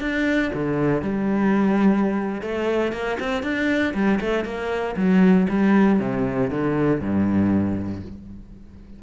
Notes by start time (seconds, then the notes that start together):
0.00 D4
0.53 D3
1.01 G3
2.41 A3
2.92 A#3
3.19 C4
3.42 D4
3.94 G3
4.20 A3
4.44 A#3
4.96 F#3
5.49 G3
5.99 C3
6.50 D3
7.00 G2